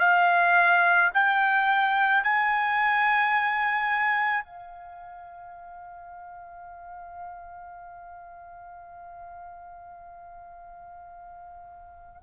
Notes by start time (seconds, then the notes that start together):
0.00 F5
1.14 G5
2.24 G#5
4.44 F5